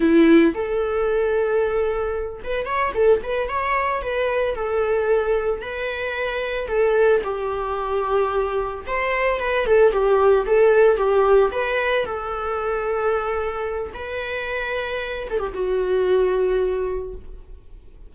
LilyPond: \new Staff \with { instrumentName = "viola" } { \time 4/4 \tempo 4 = 112 e'4 a'2.~ | a'8 b'8 cis''8 a'8 b'8 cis''4 b'8~ | b'8 a'2 b'4.~ | b'8 a'4 g'2~ g'8~ |
g'8 c''4 b'8 a'8 g'4 a'8~ | a'8 g'4 b'4 a'4.~ | a'2 b'2~ | b'8 a'16 g'16 fis'2. | }